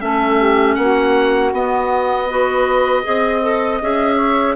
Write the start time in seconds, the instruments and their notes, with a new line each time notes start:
0.00 bassoon A3, clarinet C#4, saxophone A4, oboe E5
0.38 saxophone G4
0.75 bassoon A#3, saxophone F#4, oboe F#5
1.53 bassoon B3, clarinet B3, oboe D#5
2.27 clarinet F#4, saxophone B4
3.04 bassoon C4, clarinet G#4, saxophone D#5
3.42 clarinet A4
3.82 bassoon C#4, clarinet G#4, oboe E5
4.16 saxophone C#5